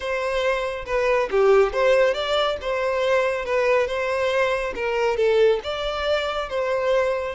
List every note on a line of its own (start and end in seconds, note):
0.00 0.85 C5
0.86 1.29 B4
1.30 1.72 G4
1.72 2.13 C5
2.13 2.57 D5
2.61 3.45 C5
3.45 3.87 B4
3.87 4.73 C5
4.75 5.16 A#4
5.16 5.60 A4
5.63 6.49 D5
6.49 7.35 C5